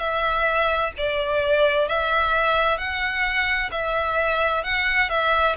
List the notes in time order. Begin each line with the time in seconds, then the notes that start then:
0.00 E5
0.98 D5
1.88 E5
2.78 F#5
3.72 E5
4.64 F#5
5.10 E5